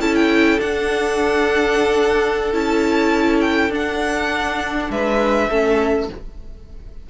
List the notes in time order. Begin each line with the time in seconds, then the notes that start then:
0.00 C#4 E4 A4 A5
0.16 G5
0.59 D4 F#5
2.53 C#4 E4 A5
3.41 G5
3.70 D4 F#5
4.90 G#3 B4 E5
5.50 A3 C#4 A4